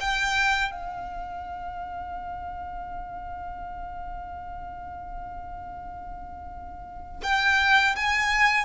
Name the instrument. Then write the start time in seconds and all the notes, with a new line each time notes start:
violin
0.00 G5
0.71 F5
7.23 G5
7.96 G#5